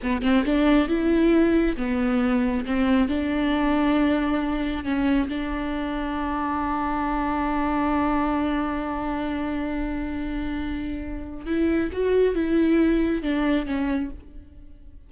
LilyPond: \new Staff \with { instrumentName = "viola" } { \time 4/4 \tempo 4 = 136 b8 c'8 d'4 e'2 | b2 c'4 d'4~ | d'2. cis'4 | d'1~ |
d'1~ | d'1~ | d'2 e'4 fis'4 | e'2 d'4 cis'4 | }